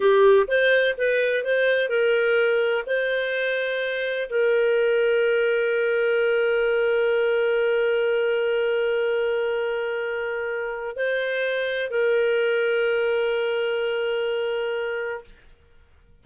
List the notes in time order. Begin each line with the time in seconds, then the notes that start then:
0.00 G4
0.47 C5
0.97 B4
1.44 C5
1.89 A#4
2.86 C5
4.29 A#4
10.95 C5
11.90 A#4